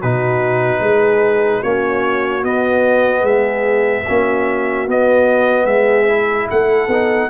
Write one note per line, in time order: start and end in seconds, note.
0.00 0.81 B2
0.00 1.65 D#4
0.00 0.80 F#4
0.00 1.63 B4
0.80 1.62 G#3
0.80 1.60 G#4
1.60 2.44 A#3
1.60 2.43 C#4
1.60 3.21 F#4
1.60 2.44 C#5
2.43 4.06 B3
2.43 3.23 B3
2.43 3.26 D#5
3.21 4.05 G#3
3.21 4.03 G#4
3.21 4.88 E5
4.06 4.88 A#3
4.06 4.88 C#4
4.06 5.66 F#4
4.88 5.65 B3
4.88 6.08 B3
4.88 5.66 D#5
5.65 6.46 G#3
5.65 6.47 G#4
5.65 6.47 E5
6.08 6.90 E4
6.51 6.88 A3
6.51 7.30 A4
6.51 7.30 F#5
6.88 7.29 B3
6.88 7.30 D#4